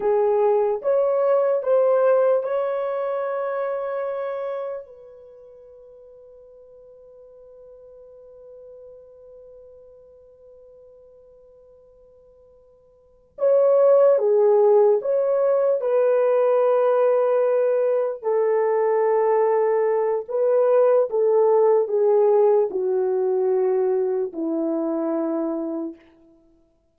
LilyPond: \new Staff \with { instrumentName = "horn" } { \time 4/4 \tempo 4 = 74 gis'4 cis''4 c''4 cis''4~ | cis''2 b'2~ | b'1~ | b'1~ |
b'8 cis''4 gis'4 cis''4 b'8~ | b'2~ b'8 a'4.~ | a'4 b'4 a'4 gis'4 | fis'2 e'2 | }